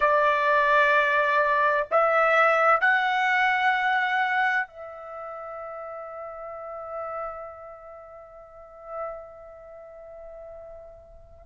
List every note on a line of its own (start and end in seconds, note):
0.00 1.87 D5
1.90 2.80 E5
2.80 4.67 F#5
4.67 11.46 E5